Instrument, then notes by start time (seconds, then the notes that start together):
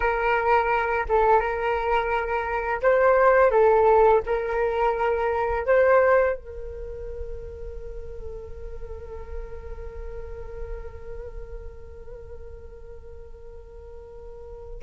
flute
0.00 A#4
1.08 A4
1.40 A#4
2.81 C5
3.50 A4
4.25 A#4
5.66 C5
6.36 A#4